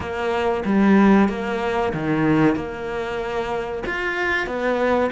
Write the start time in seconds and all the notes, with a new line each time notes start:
0.00 A#3
0.65 G3
1.29 A#3
1.93 D#3
2.55 A#3
3.86 F4
4.46 B3